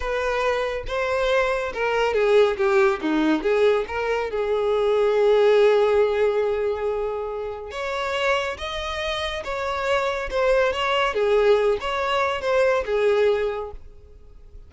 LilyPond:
\new Staff \with { instrumentName = "violin" } { \time 4/4 \tempo 4 = 140 b'2 c''2 | ais'4 gis'4 g'4 dis'4 | gis'4 ais'4 gis'2~ | gis'1~ |
gis'2 cis''2 | dis''2 cis''2 | c''4 cis''4 gis'4. cis''8~ | cis''4 c''4 gis'2 | }